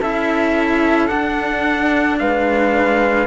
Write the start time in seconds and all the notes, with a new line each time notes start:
0.00 C#4 E4 A4 E5
1.07 D4 F#5
2.18 G#3 B4 F5